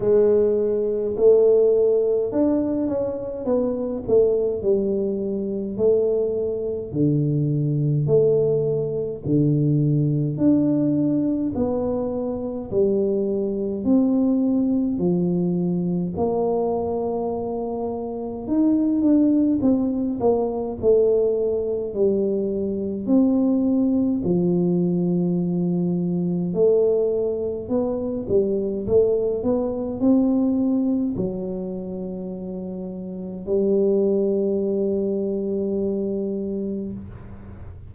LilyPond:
\new Staff \with { instrumentName = "tuba" } { \time 4/4 \tempo 4 = 52 gis4 a4 d'8 cis'8 b8 a8 | g4 a4 d4 a4 | d4 d'4 b4 g4 | c'4 f4 ais2 |
dis'8 d'8 c'8 ais8 a4 g4 | c'4 f2 a4 | b8 g8 a8 b8 c'4 fis4~ | fis4 g2. | }